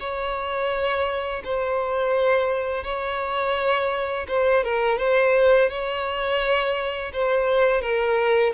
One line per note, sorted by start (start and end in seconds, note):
0.00 1.43 C#5
1.44 2.84 C5
2.84 4.27 C#5
4.28 4.64 C5
4.64 4.98 A#4
4.98 5.69 C5
5.69 7.12 C#5
7.13 7.82 C5
7.82 8.53 A#4